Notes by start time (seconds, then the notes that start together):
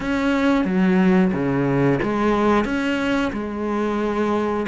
0.00 C#4
0.65 F#3
1.32 C#3
2.02 G#3
2.65 C#4
3.32 G#3